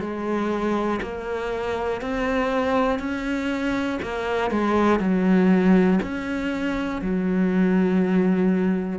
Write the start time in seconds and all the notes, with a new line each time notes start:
0.00 G#3
1.02 A#3
2.00 C4
2.99 C#4
4.02 A#3
4.50 G#3
4.99 F#3
6.02 C#4
7.01 F#3